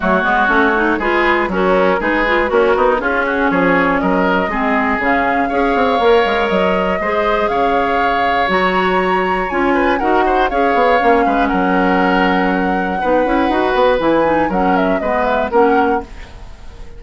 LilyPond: <<
  \new Staff \with { instrumentName = "flute" } { \time 4/4 \tempo 4 = 120 cis''2 b'4 ais'4 | b'4 ais'4 gis'4 cis''4 | dis''2 f''2~ | f''4 dis''2 f''4~ |
f''4 ais''2 gis''4 | fis''4 f''2 fis''4~ | fis''1 | gis''4 fis''8 e''8 dis''8 e''8 fis''4 | }
  \new Staff \with { instrumentName = "oboe" } { \time 4/4 fis'2 gis'4 cis'4 | gis'4 cis'8 dis'8 f'8 fis'8 gis'4 | ais'4 gis'2 cis''4~ | cis''2 c''4 cis''4~ |
cis''2.~ cis''8 b'8 | ais'8 c''8 cis''4. b'8 ais'4~ | ais'2 b'2~ | b'4 ais'4 b'4 ais'4 | }
  \new Staff \with { instrumentName = "clarinet" } { \time 4/4 a8 b8 cis'8 dis'8 f'4 fis'4 | dis'8 f'8 fis'4 cis'2~ | cis'4 c'4 cis'4 gis'4 | ais'2 gis'2~ |
gis'4 fis'2 f'4 | fis'4 gis'4 cis'2~ | cis'2 dis'8 e'8 fis'4 | e'8 dis'8 cis'4 b4 cis'4 | }
  \new Staff \with { instrumentName = "bassoon" } { \time 4/4 fis8 gis8 a4 gis4 fis4 | gis4 ais8 b8 cis'4 f4 | fis4 gis4 cis4 cis'8 c'8 | ais8 gis8 fis4 gis4 cis4~ |
cis4 fis2 cis'4 | dis'4 cis'8 b8 ais8 gis8 fis4~ | fis2 b8 cis'8 dis'8 b8 | e4 fis4 gis4 ais4 | }
>>